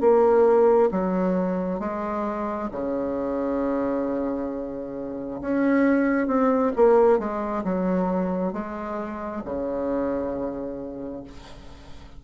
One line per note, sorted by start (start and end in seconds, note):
0.00 0.90 A#3
0.91 1.79 F#3
1.79 2.69 G#3
2.72 5.40 C#3
5.41 6.27 C#4
6.27 6.72 C4
6.76 7.19 A#3
7.19 7.64 G#3
7.64 8.53 F#3
8.53 9.42 G#3
9.44 11.23 C#3